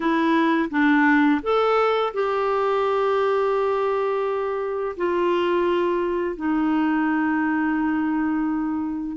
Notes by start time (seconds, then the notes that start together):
0.00 E4
0.70 D4
1.42 A4
2.13 G4
4.96 F4
6.35 D#4